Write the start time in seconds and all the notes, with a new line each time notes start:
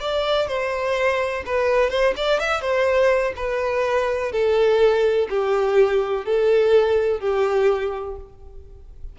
0.00 D5
0.48 C5
1.46 B4
1.90 C5
2.16 D5
2.40 E5
2.61 C5
3.36 B4
4.32 A4
5.30 G4
6.25 A4
7.20 G4